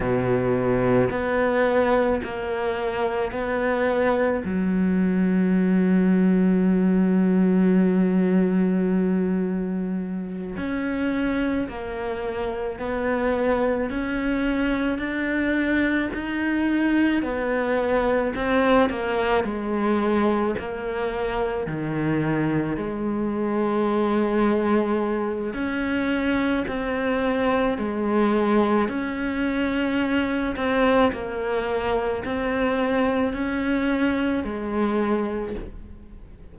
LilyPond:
\new Staff \with { instrumentName = "cello" } { \time 4/4 \tempo 4 = 54 b,4 b4 ais4 b4 | fis1~ | fis4. cis'4 ais4 b8~ | b8 cis'4 d'4 dis'4 b8~ |
b8 c'8 ais8 gis4 ais4 dis8~ | dis8 gis2~ gis8 cis'4 | c'4 gis4 cis'4. c'8 | ais4 c'4 cis'4 gis4 | }